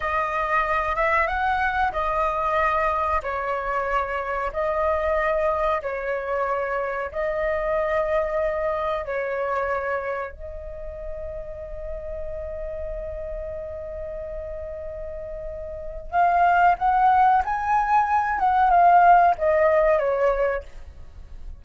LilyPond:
\new Staff \with { instrumentName = "flute" } { \time 4/4 \tempo 4 = 93 dis''4. e''8 fis''4 dis''4~ | dis''4 cis''2 dis''4~ | dis''4 cis''2 dis''4~ | dis''2 cis''2 |
dis''1~ | dis''1~ | dis''4 f''4 fis''4 gis''4~ | gis''8 fis''8 f''4 dis''4 cis''4 | }